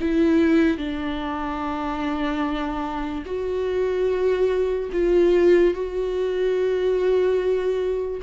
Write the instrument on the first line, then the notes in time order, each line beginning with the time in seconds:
viola
0.00 E4
0.77 D4
3.25 F#4
4.92 F4
5.74 F#4